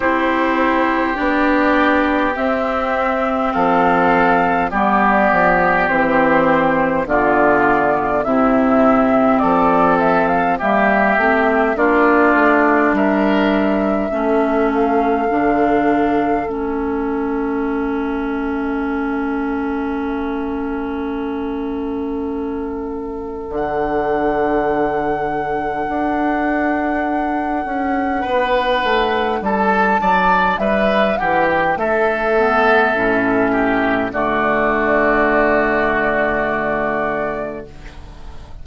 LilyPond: <<
  \new Staff \with { instrumentName = "flute" } { \time 4/4 \tempo 4 = 51 c''4 d''4 e''4 f''4 | d''4 c''4 d''4 e''4 | d''8 e''16 f''16 e''4 d''4 e''4~ | e''8 f''4. e''2~ |
e''1 | fis''1~ | fis''4 a''4 e''8 fis''16 g''16 e''4~ | e''4 d''2. | }
  \new Staff \with { instrumentName = "oboe" } { \time 4/4 g'2. a'4 | g'2 f'4 e'4 | a'4 g'4 f'4 ais'4 | a'1~ |
a'1~ | a'1 | b'4 a'8 d''8 b'8 g'8 a'4~ | a'8 g'8 fis'2. | }
  \new Staff \with { instrumentName = "clarinet" } { \time 4/4 e'4 d'4 c'2 | b4 c'4 b4 c'4~ | c'4 ais8 c'8 d'2 | cis'4 d'4 cis'2~ |
cis'1 | d'1~ | d'2.~ d'8 b8 | cis'4 a2. | }
  \new Staff \with { instrumentName = "bassoon" } { \time 4/4 c'4 b4 c'4 f4 | g8 f8 e4 d4 c4 | f4 g8 a8 ais8 a8 g4 | a4 d4 a2~ |
a1 | d2 d'4. cis'8 | b8 a8 g8 fis8 g8 e8 a4 | a,4 d2. | }
>>